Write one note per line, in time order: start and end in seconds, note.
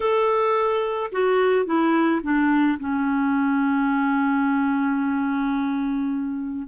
0.00 1.11 A4
1.12 1.65 F#4
1.65 2.21 E4
2.22 2.78 D4
2.79 6.67 C#4